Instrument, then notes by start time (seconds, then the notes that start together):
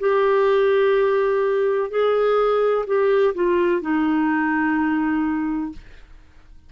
clarinet
0.00 G4
1.90 G#4
2.87 G4
3.35 F4
3.82 D#4